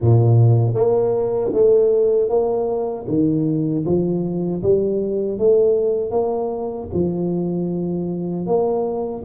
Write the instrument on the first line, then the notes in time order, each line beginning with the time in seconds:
tuba
0.01 A#2
0.74 A#3
1.52 A3
2.29 A#3
3.08 D#3
3.85 F3
4.63 G3
5.38 A3
6.10 A#3
6.93 F3
8.46 A#3